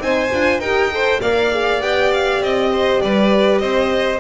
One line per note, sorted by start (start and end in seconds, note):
0.00 0.30 C4
0.00 0.30 D#4
0.00 0.60 C5
0.00 0.60 G#5
0.32 0.59 D4
0.32 0.62 F4
0.59 1.19 D#4
0.59 0.92 G4
0.59 0.91 A#4
0.59 1.20 G5
0.92 1.22 A4
0.92 1.21 C5
1.21 1.81 A#3
1.21 1.52 A#4
1.21 2.71 D5
1.21 1.82 F5
1.52 1.80 G#4
1.80 2.41 B3
1.80 4.20 G4
1.80 2.12 G5
2.13 2.43 F5
2.42 3.02 C4
2.42 3.02 D#5
2.73 3.03 C5
3.02 3.60 G3
3.02 3.62 B4
3.02 3.58 D5
3.58 4.20 C4
3.58 4.20 C5
3.58 4.19 D#5